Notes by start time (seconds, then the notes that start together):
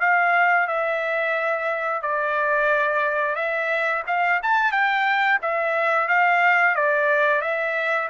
0.00 F5
0.67 E5
2.02 D5
3.35 E5
4.07 F5
4.42 A5
4.72 G5
5.42 E5
6.08 F5
6.75 D5
7.41 E5